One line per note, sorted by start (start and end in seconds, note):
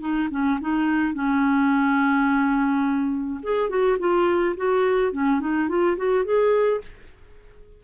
0.00 0.28 D#4
0.30 0.59 C#4
0.60 1.13 D#4
1.13 3.40 C#4
3.43 3.69 G#4
3.69 3.98 F#4
3.99 4.55 F4
4.57 5.12 F#4
5.12 5.40 C#4
5.40 5.68 D#4
5.68 5.97 F4
5.97 6.24 F#4
6.24 6.81 G#4